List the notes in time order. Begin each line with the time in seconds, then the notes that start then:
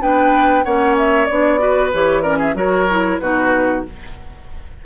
0.00 B3 D4 B4 G5
0.63 A#3 C#4 C#5 F#5
0.97 E5
1.25 B3 D4 D5
1.58 F#4 B4
1.93 E3 G4 C#5
2.21 C#4 A#4 D5
2.37 G#4 E5
2.54 F#3 F#4 A#4 C#5
2.90 E4
3.19 B2 D#4 F#4 B4